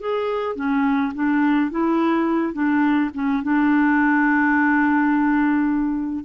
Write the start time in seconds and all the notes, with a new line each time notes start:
0.00 G#4
0.56 C#4
1.15 D4
1.71 E4
2.53 D4
3.14 C#4
3.43 D4